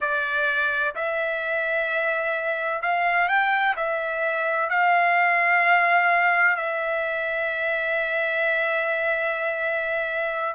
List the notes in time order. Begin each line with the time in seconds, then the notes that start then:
0.00 D5
0.95 E5
2.82 F5
3.28 G5
3.76 E5
4.69 F5
6.56 E5